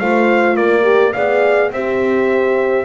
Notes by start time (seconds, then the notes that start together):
0.00 A3 F4 C5 F5
0.56 A#3 A#4 D5
0.83 G4
1.13 B3 G#4 D5 F5
1.71 C4 G4 C5 E5